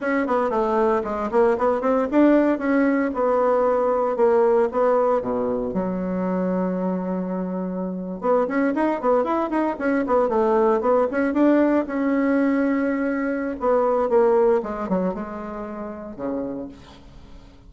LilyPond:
\new Staff \with { instrumentName = "bassoon" } { \time 4/4 \tempo 4 = 115 cis'8 b8 a4 gis8 ais8 b8 c'8 | d'4 cis'4 b2 | ais4 b4 b,4 fis4~ | fis2.~ fis8. b16~ |
b16 cis'8 dis'8 b8 e'8 dis'8 cis'8 b8 a16~ | a8. b8 cis'8 d'4 cis'4~ cis'16~ | cis'2 b4 ais4 | gis8 fis8 gis2 cis4 | }